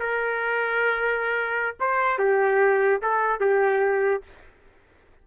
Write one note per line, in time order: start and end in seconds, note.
0.00 1.76 A#4
1.80 2.19 C5
2.19 3.02 G4
3.02 3.40 A4
3.40 4.23 G4